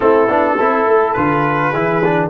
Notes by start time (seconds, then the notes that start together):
0.00 A3 C4 E4 A4
0.28 B3 D4
0.56 C4 E4 A4
0.86 A3
1.13 D3 F4 B4
1.70 E3 E4 G#4
2.04 D4